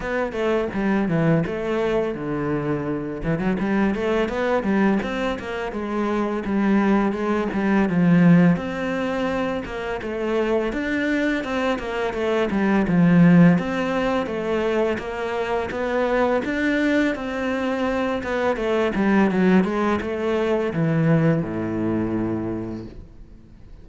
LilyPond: \new Staff \with { instrumentName = "cello" } { \time 4/4 \tempo 4 = 84 b8 a8 g8 e8 a4 d4~ | d8 e16 fis16 g8 a8 b8 g8 c'8 ais8 | gis4 g4 gis8 g8 f4 | c'4. ais8 a4 d'4 |
c'8 ais8 a8 g8 f4 c'4 | a4 ais4 b4 d'4 | c'4. b8 a8 g8 fis8 gis8 | a4 e4 a,2 | }